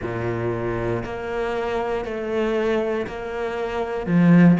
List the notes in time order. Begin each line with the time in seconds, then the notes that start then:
0.02 A#2
1.04 A#3
2.04 A3
3.06 A#3
4.06 F3